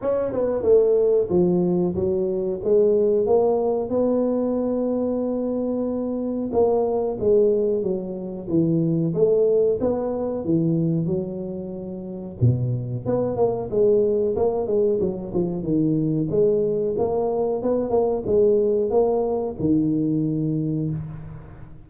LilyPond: \new Staff \with { instrumentName = "tuba" } { \time 4/4 \tempo 4 = 92 cis'8 b8 a4 f4 fis4 | gis4 ais4 b2~ | b2 ais4 gis4 | fis4 e4 a4 b4 |
e4 fis2 b,4 | b8 ais8 gis4 ais8 gis8 fis8 f8 | dis4 gis4 ais4 b8 ais8 | gis4 ais4 dis2 | }